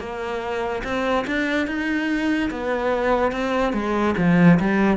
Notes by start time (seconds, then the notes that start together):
0.00 A#3
0.84 C4
1.28 D4
1.67 D#4
2.51 B3
3.32 C4
3.73 G#3
4.18 F3
4.60 G3